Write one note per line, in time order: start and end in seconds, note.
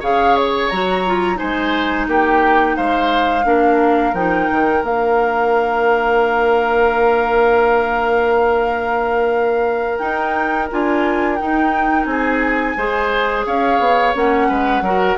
0.00 0.71 C#3
0.00 0.71 G#4
0.00 1.38 C#5
0.00 0.36 F5
0.36 0.69 C#5
0.69 1.40 F#3
0.69 1.06 F#4
0.69 1.38 A#5
1.06 1.36 F4
1.36 3.43 D#4
1.36 2.07 C5
1.36 2.07 G#5
1.42 2.07 G#3
2.07 2.76 A#3
2.07 2.76 G4
2.07 2.77 G5
2.76 3.45 G#3
2.76 3.45 C5
2.76 4.14 F5
3.45 4.13 A#3
3.45 4.14 D4
3.45 12.09 A#4
4.13 4.48 F3
4.13 4.84 D#4
4.13 4.83 G5
4.51 4.83 D#3
4.83 10.00 A#3
4.83 9.99 D4
4.83 9.99 F5
9.99 10.68 D#4
9.99 10.70 D#4
9.99 10.68 G5
10.71 11.42 D4
10.71 11.39 F4
10.71 11.36 G#5
11.36 12.77 D#4
11.36 12.05 D#4
11.36 12.05 G5
12.05 12.74 C4
12.05 12.77 G#4
12.05 13.43 G#5
12.77 13.46 G#3
12.77 14.15 G#4
12.77 13.46 C5
13.46 13.79 C#4
13.46 14.48 C#5
13.46 14.15 F5
13.79 14.14 B3
14.15 14.50 A#3
14.15 14.84 C#4
14.15 15.18 F#5
14.48 14.81 G#3
14.48 14.83 B4
14.81 15.16 F#3
14.81 15.18 F#4
14.81 15.18 A#4